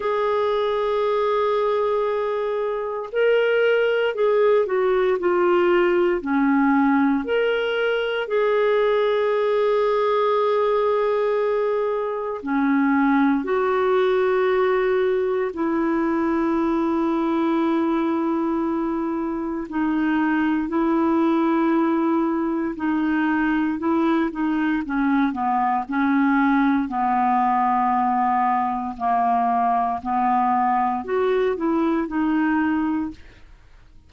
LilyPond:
\new Staff \with { instrumentName = "clarinet" } { \time 4/4 \tempo 4 = 58 gis'2. ais'4 | gis'8 fis'8 f'4 cis'4 ais'4 | gis'1 | cis'4 fis'2 e'4~ |
e'2. dis'4 | e'2 dis'4 e'8 dis'8 | cis'8 b8 cis'4 b2 | ais4 b4 fis'8 e'8 dis'4 | }